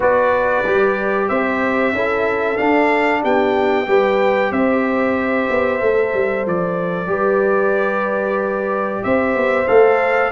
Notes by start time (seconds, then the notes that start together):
0.00 B3 F#4 B4 D5
0.66 G3 G4
1.28 C4 C5 E5
1.92 C#4 E4 A4
2.56 D4 F5
3.22 B3 G4 G5
3.87 G3 G4 B4
4.51 C4 C5 E5
5.50 B3
5.80 A3 A4
6.14 G3
6.46 F3 D5
7.07 G3 G4 B4
9.03 C4 C5 E5
9.35 B3
9.67 A3 A4 F5